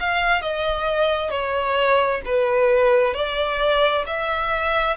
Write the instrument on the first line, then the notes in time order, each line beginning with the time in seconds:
violin
0.00 F5
0.42 D#5
1.31 C#5
2.26 B4
3.14 D5
4.07 E5